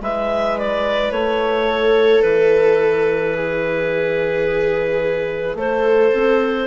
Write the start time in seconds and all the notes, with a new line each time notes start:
0.00 G#3 E4 B4 E5
0.58 D5
1.11 A3 C#5
1.67 A4
2.22 E3 B4
3.34 G#4
5.54 A3 A4 C5
6.13 C4